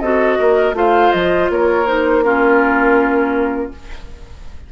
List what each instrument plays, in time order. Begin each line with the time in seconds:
0.00 bassoon C4, clarinet F#4, oboe A4, flute D#5
0.39 bassoon A#3, oboe A#4
0.73 bassoon A3, clarinet F4, oboe C5, flute F5
1.12 bassoon F3, flute D#5
1.50 bassoon A#3, oboe A#4, flute C#5
1.87 clarinet D#4, flute C5
2.24 clarinet C#4, oboe F4, flute A#4